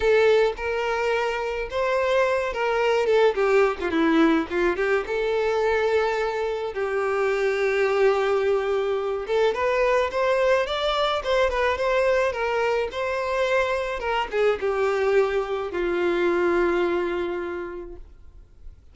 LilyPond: \new Staff \with { instrumentName = "violin" } { \time 4/4 \tempo 4 = 107 a'4 ais'2 c''4~ | c''8 ais'4 a'8 g'8. f'16 e'4 | f'8 g'8 a'2. | g'1~ |
g'8 a'8 b'4 c''4 d''4 | c''8 b'8 c''4 ais'4 c''4~ | c''4 ais'8 gis'8 g'2 | f'1 | }